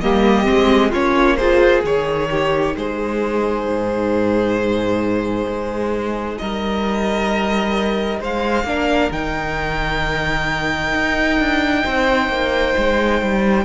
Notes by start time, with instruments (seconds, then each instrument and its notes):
0.00 cello G3, viola A#3, violin G4 D#5
0.45 cello G#3, viola C4
0.90 cello A#3, viola C#4, violin F4 C#5
1.36 viola F4, violin G#4 C5
1.83 cello D#3, viola D#4, violin C#5
2.30 violin G4
2.76 cello G#3, violin G#4 C5
3.66 cello G#2
5.46 cello G#3
6.38 cello G3, violin A#4 D#5
8.20 cello G#3, violin C5 F5
8.64 cello A#3, viola D4, violin A#4
9.11 cello D#3, viola D#4, violin G5
10.94 cello D#4
11.39 cello D4
11.83 cello C4, violin C5
12.28 cello A#3
12.77 cello G#3
13.21 cello G3